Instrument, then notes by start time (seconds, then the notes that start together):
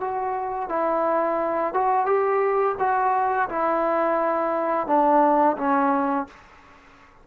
trombone
0.00 F#4
0.69 E4
1.74 F#4
2.06 G4
2.79 F#4
3.49 E4
4.87 D4
5.57 C#4